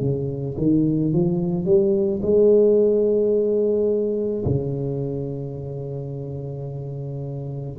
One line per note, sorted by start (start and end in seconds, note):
0.00 0.56 C#3
0.58 1.13 D#3
1.13 1.65 F3
1.65 2.20 G3
2.22 4.44 G#3
4.45 7.78 C#3